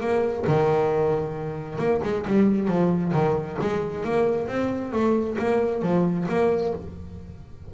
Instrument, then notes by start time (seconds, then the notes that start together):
double bass
0.00 A#3
0.47 D#3
1.78 A#3
2.03 G#3
2.27 G3
2.68 F3
3.13 D#3
3.61 G#3
4.04 A#3
4.47 C4
4.92 A3
5.38 A#3
5.82 F3
6.28 A#3